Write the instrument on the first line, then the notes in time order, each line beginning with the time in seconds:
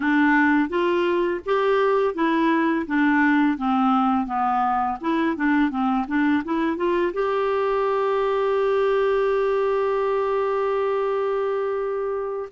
clarinet
0.00 D4
0.69 F4
1.45 G4
2.14 E4
2.86 D4
3.57 C4
4.26 B3
5.00 E4
5.36 D4
5.70 C4
6.07 D4
6.44 E4
6.76 F4
7.13 G4